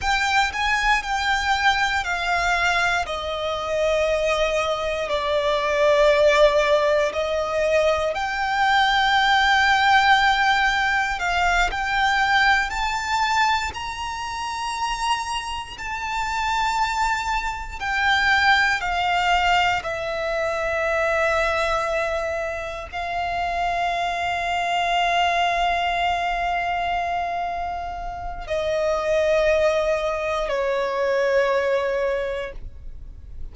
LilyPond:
\new Staff \with { instrumentName = "violin" } { \time 4/4 \tempo 4 = 59 g''8 gis''8 g''4 f''4 dis''4~ | dis''4 d''2 dis''4 | g''2. f''8 g''8~ | g''8 a''4 ais''2 a''8~ |
a''4. g''4 f''4 e''8~ | e''2~ e''8 f''4.~ | f''1 | dis''2 cis''2 | }